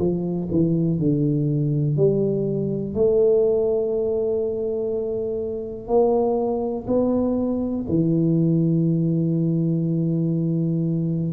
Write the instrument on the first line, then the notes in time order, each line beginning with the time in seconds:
tuba
0.00 F3
0.52 E3
0.99 D3
1.97 G3
2.95 A3
5.88 A#3
6.88 B3
7.89 E3